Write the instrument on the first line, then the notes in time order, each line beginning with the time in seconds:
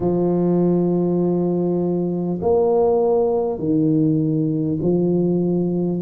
tuba
0.00 F3
2.41 A#3
3.58 D#3
4.82 F3